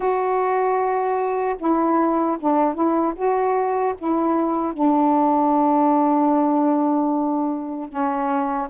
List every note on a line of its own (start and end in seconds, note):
0.00 1.55 F#4
1.58 2.37 E4
2.39 2.74 D4
2.74 3.13 E4
3.15 3.94 F#4
3.98 4.73 E4
4.73 7.88 D4
7.88 8.67 C#4